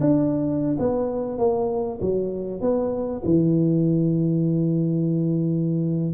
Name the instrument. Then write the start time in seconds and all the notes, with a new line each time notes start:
tuba
0.00 D4
0.78 B3
1.38 A#3
2.00 F#3
2.60 B3
3.24 E3